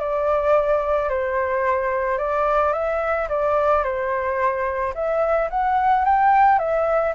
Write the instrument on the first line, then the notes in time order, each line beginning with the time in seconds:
flute
0.00 D5
1.09 C5
2.18 D5
2.73 E5
3.29 D5
3.84 C5
4.95 E5
5.50 F#5
6.05 G5
6.59 E5